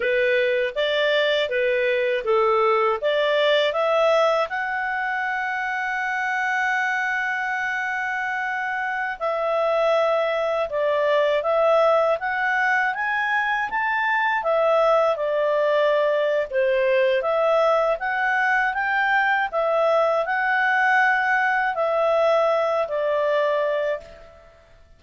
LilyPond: \new Staff \with { instrumentName = "clarinet" } { \time 4/4 \tempo 4 = 80 b'4 d''4 b'4 a'4 | d''4 e''4 fis''2~ | fis''1~ | fis''16 e''2 d''4 e''8.~ |
e''16 fis''4 gis''4 a''4 e''8.~ | e''16 d''4.~ d''16 c''4 e''4 | fis''4 g''4 e''4 fis''4~ | fis''4 e''4. d''4. | }